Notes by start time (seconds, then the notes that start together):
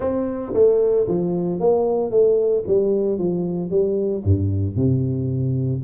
0.00 C4
0.53 A3
1.08 F3
1.60 A#3
2.10 A3
2.67 G3
3.18 F3
3.70 G3
4.23 G2
4.76 C3